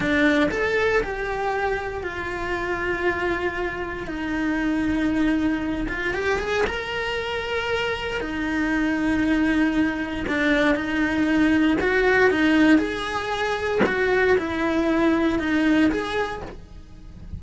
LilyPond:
\new Staff \with { instrumentName = "cello" } { \time 4/4 \tempo 4 = 117 d'4 a'4 g'2 | f'1 | dis'2.~ dis'8 f'8 | g'8 gis'8 ais'2. |
dis'1 | d'4 dis'2 fis'4 | dis'4 gis'2 fis'4 | e'2 dis'4 gis'4 | }